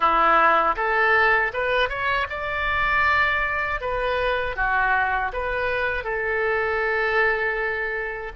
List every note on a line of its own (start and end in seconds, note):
0.00 0.75 E4
0.76 1.52 A4
1.53 1.89 B4
1.89 2.27 C#5
2.29 3.80 D5
3.80 4.56 B4
4.56 5.32 F#4
5.32 6.04 B4
6.04 8.32 A4